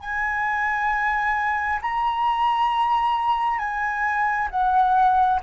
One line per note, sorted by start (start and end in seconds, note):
0.00 1.79 G#5
1.81 3.58 A#5
3.58 4.48 G#5
4.50 5.40 F#5